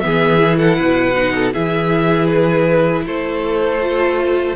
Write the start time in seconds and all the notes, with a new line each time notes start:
0.00 E3 B3 G#4 E5
0.38 E4
0.58 A4 F#5
0.76 B2 B4
1.16 D#4
1.34 A4
1.53 E3 E4 G#4 E5
2.27 B4
3.05 A3 A4 C5
3.81 F4